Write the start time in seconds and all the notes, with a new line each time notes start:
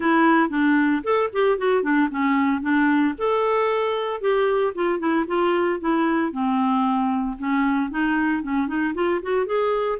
0.00 E4
0.49 D4
1.03 A4
1.32 G4
1.57 F#4
1.82 D4
2.10 C#4
2.61 D4
3.18 A4
4.20 G4
4.75 F4
4.99 E4
5.27 F4
5.80 E4
6.32 C4
7.38 C#4
7.90 D#4
8.42 C#4
8.67 D#4
8.94 F4
9.22 F#4
9.46 G#4